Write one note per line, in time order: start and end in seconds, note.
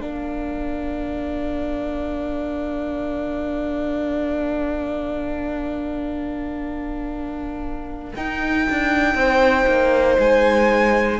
0.00 8.14 A#3
0.00 8.14 D4
0.00 9.17 A#4
0.00 8.14 F5
8.15 11.19 D#4
8.15 8.68 D#4
8.15 10.19 G5
8.69 9.14 D4
9.14 9.65 C4
9.14 11.19 C5
9.67 10.17 A#3
10.19 11.19 G#3
10.19 11.19 G#5